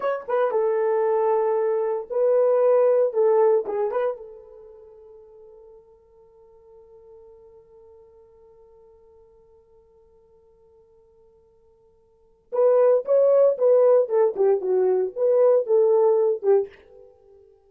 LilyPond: \new Staff \with { instrumentName = "horn" } { \time 4/4 \tempo 4 = 115 cis''8 b'8 a'2. | b'2 a'4 gis'8 b'8 | a'1~ | a'1~ |
a'1~ | a'1 | b'4 cis''4 b'4 a'8 g'8 | fis'4 b'4 a'4. g'8 | }